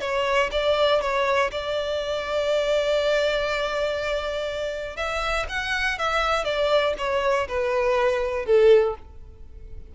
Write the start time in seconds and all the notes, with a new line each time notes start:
0.00 C#5
0.51 D5
1.01 C#5
1.51 D5
4.96 E5
5.49 F#5
5.98 E5
6.44 D5
6.98 C#5
7.48 B4
8.45 A4